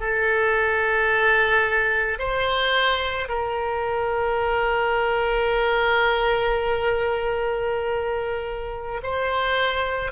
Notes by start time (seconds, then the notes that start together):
0.00 A4
2.19 C5
3.28 A#4
9.02 C5